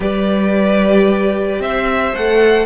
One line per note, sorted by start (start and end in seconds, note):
0.00 1.59 G3
0.00 2.13 G4
0.00 1.61 B4
0.00 1.61 D5
1.59 2.13 C4
1.59 2.66 C5
1.59 2.15 E5
2.14 2.66 A3
2.14 2.66 A4
2.14 2.66 F#5